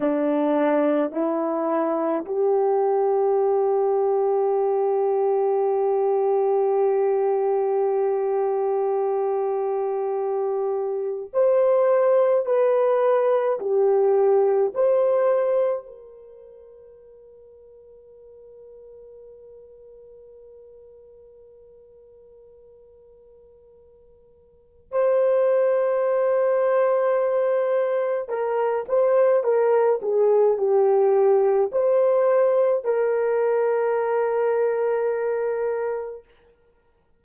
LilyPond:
\new Staff \with { instrumentName = "horn" } { \time 4/4 \tempo 4 = 53 d'4 e'4 g'2~ | g'1~ | g'2 c''4 b'4 | g'4 c''4 ais'2~ |
ais'1~ | ais'2 c''2~ | c''4 ais'8 c''8 ais'8 gis'8 g'4 | c''4 ais'2. | }